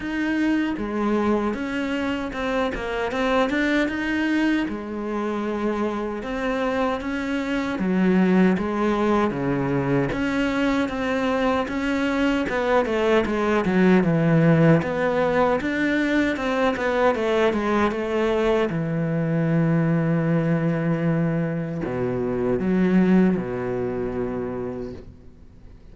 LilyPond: \new Staff \with { instrumentName = "cello" } { \time 4/4 \tempo 4 = 77 dis'4 gis4 cis'4 c'8 ais8 | c'8 d'8 dis'4 gis2 | c'4 cis'4 fis4 gis4 | cis4 cis'4 c'4 cis'4 |
b8 a8 gis8 fis8 e4 b4 | d'4 c'8 b8 a8 gis8 a4 | e1 | b,4 fis4 b,2 | }